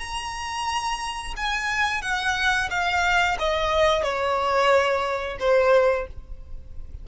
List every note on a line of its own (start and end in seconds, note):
0.00 1.35 A#5
1.37 2.02 G#5
2.02 2.70 F#5
2.70 3.38 F5
3.39 4.03 D#5
4.03 5.38 C#5
5.40 6.07 C5